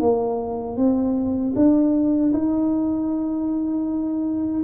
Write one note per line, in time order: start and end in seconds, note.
0.00 0.77 A#3
0.77 1.54 C4
1.56 2.33 D4
2.33 4.64 D#4